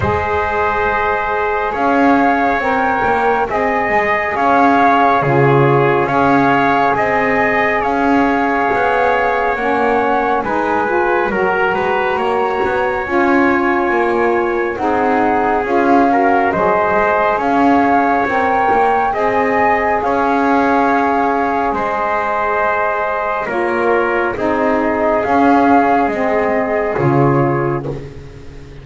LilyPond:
<<
  \new Staff \with { instrumentName = "flute" } { \time 4/4 \tempo 4 = 69 dis''2 f''4 g''4 | gis''4 f''4 cis''4 f''4 | gis''4 f''2 fis''4 | gis''4 ais''2 gis''4~ |
gis''4 fis''4 f''4 dis''4 | f''4 g''4 gis''4 f''4~ | f''4 dis''2 cis''4 | dis''4 f''4 dis''4 cis''4 | }
  \new Staff \with { instrumentName = "trumpet" } { \time 4/4 c''2 cis''2 | dis''4 cis''4 gis'4 cis''4 | dis''4 cis''2. | b'4 ais'8 b'8 cis''2~ |
cis''4 gis'4. ais'8 c''4 | cis''2 dis''4 cis''4~ | cis''4 c''2 ais'4 | gis'1 | }
  \new Staff \with { instrumentName = "saxophone" } { \time 4/4 gis'2. ais'4 | gis'2 f'4 gis'4~ | gis'2. cis'4 | dis'8 f'8 fis'2 f'4~ |
f'4 dis'4 f'8 fis'8 gis'4~ | gis'4 ais'4 gis'2~ | gis'2. f'4 | dis'4 cis'4 c'4 f'4 | }
  \new Staff \with { instrumentName = "double bass" } { \time 4/4 gis2 cis'4 c'8 ais8 | c'8 gis8 cis'4 cis4 cis'4 | c'4 cis'4 b4 ais4 | gis4 fis8 gis8 ais8 b8 cis'4 |
ais4 c'4 cis'4 fis8 gis8 | cis'4 c'8 ais8 c'4 cis'4~ | cis'4 gis2 ais4 | c'4 cis'4 gis4 cis4 | }
>>